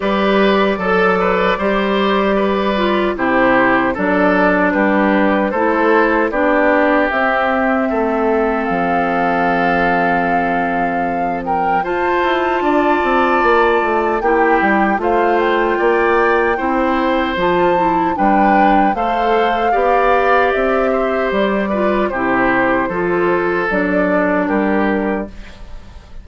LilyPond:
<<
  \new Staff \with { instrumentName = "flute" } { \time 4/4 \tempo 4 = 76 d''1 | c''4 d''4 b'4 c''4 | d''4 e''2 f''4~ | f''2~ f''8 g''8 a''4~ |
a''2 g''4 f''8 g''8~ | g''2 a''4 g''4 | f''2 e''4 d''4 | c''2 d''4 ais'4 | }
  \new Staff \with { instrumentName = "oboe" } { \time 4/4 b'4 a'8 b'8 c''4 b'4 | g'4 a'4 g'4 a'4 | g'2 a'2~ | a'2~ a'8 ais'8 c''4 |
d''2 g'4 c''4 | d''4 c''2 b'4 | c''4 d''4. c''4 b'8 | g'4 a'2 g'4 | }
  \new Staff \with { instrumentName = "clarinet" } { \time 4/4 g'4 a'4 g'4. f'8 | e'4 d'2 e'4 | d'4 c'2.~ | c'2. f'4~ |
f'2 e'4 f'4~ | f'4 e'4 f'8 e'8 d'4 | a'4 g'2~ g'8 f'8 | e'4 f'4 d'2 | }
  \new Staff \with { instrumentName = "bassoon" } { \time 4/4 g4 fis4 g2 | c4 fis4 g4 a4 | b4 c'4 a4 f4~ | f2. f'8 e'8 |
d'8 c'8 ais8 a8 ais8 g8 a4 | ais4 c'4 f4 g4 | a4 b4 c'4 g4 | c4 f4 fis4 g4 | }
>>